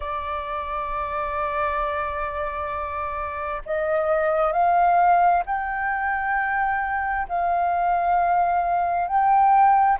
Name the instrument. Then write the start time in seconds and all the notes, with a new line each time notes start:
flute
0.00 D5
3.65 D#5
4.52 F5
5.45 G5
7.28 F5
9.07 G5